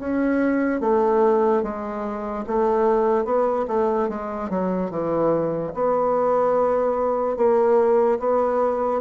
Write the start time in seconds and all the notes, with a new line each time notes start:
0.00 C#4
0.81 A3
1.63 G#3
2.47 A3
3.25 B3
3.68 A3
4.09 G#3
4.50 F#3
4.91 E3
5.74 B3
7.37 A#3
8.20 B3